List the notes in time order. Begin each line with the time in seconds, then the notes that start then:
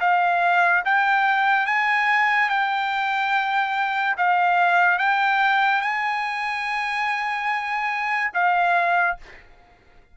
0.00 F5
0.85 G5
1.66 G#5
2.49 G5
4.17 F5
4.98 G5
5.81 G#5
8.34 F5